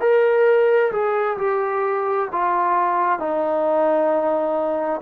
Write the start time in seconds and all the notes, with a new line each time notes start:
0.00 A#4
0.91 G#4
1.37 G4
2.32 F4
3.19 D#4